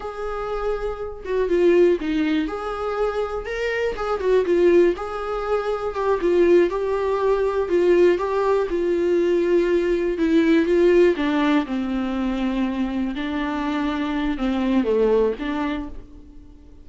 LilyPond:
\new Staff \with { instrumentName = "viola" } { \time 4/4 \tempo 4 = 121 gis'2~ gis'8 fis'8 f'4 | dis'4 gis'2 ais'4 | gis'8 fis'8 f'4 gis'2 | g'8 f'4 g'2 f'8~ |
f'8 g'4 f'2~ f'8~ | f'8 e'4 f'4 d'4 c'8~ | c'2~ c'8 d'4.~ | d'4 c'4 a4 d'4 | }